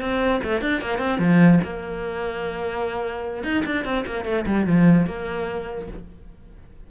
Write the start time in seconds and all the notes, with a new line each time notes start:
0.00 C4
0.43 A3
0.61 D4
0.81 A#3
0.98 C4
1.18 F3
1.63 A#3
3.43 D#4
3.65 D4
3.84 C4
4.06 A#3
4.25 A3
4.46 G3
4.66 F3
5.06 A#3